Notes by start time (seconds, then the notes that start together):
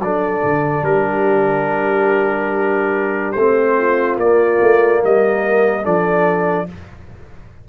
0.00 F#3 D4 A4 D5
0.43 D3
0.82 G3 G4 A#4
3.32 A3 C4 C5
3.77 F4
4.17 A#3 D5
4.61 A3
5.02 G3 A#4 D#5
5.83 F3 D4 A4 D5